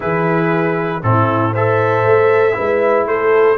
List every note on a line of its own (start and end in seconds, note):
0.00 1.03 E3
0.00 1.01 E4
0.00 1.01 G#4
0.00 1.02 B4
1.02 2.05 A2
1.02 1.54 C4
1.02 1.51 E4
1.02 1.54 A4
1.51 2.53 A4
1.51 2.54 C5
1.51 3.07 E5
2.05 2.56 A3
2.53 3.06 G#3
2.53 3.55 E4
2.53 3.07 B4
3.06 3.58 A3
3.06 3.58 A4
3.06 3.58 C5